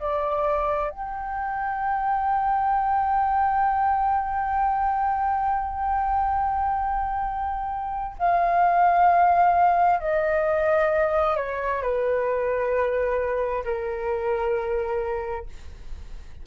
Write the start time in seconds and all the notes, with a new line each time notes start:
0.00 D5
0.91 G5
8.19 F5
10.00 D#5
11.37 C#5
11.82 B4
13.64 A#4